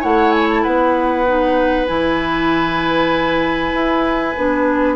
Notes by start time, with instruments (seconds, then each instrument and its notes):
0.00 bassoon A3, clarinet E4, oboe C#5, flute F#5
0.31 flute G#5
0.50 flute A5
0.63 bassoon B3, oboe B4, flute F#5
1.26 clarinet D#4
1.87 bassoon E3, clarinet E4, flute G#5
3.73 bassoon E4
4.37 bassoon B3, clarinet D4